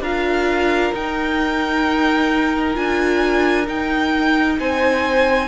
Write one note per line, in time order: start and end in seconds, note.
0.00 0.91 D4
0.00 0.94 F4
0.00 4.56 A#4
0.00 0.94 F5
0.94 2.74 D#4
0.94 2.76 D#4
0.94 2.76 G5
2.74 3.67 D4
2.74 3.65 F4
2.74 3.67 G#5
3.67 5.47 D#4
3.67 4.58 D#4
3.67 4.59 G5
4.59 5.47 C4
4.59 5.47 C5
4.59 5.47 G#5